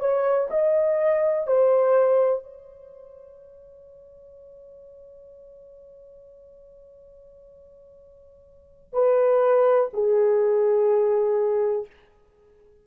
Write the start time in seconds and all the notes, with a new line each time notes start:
0.00 C#5
0.50 D#5
1.47 C5
2.43 C#5
8.93 B4
9.93 G#4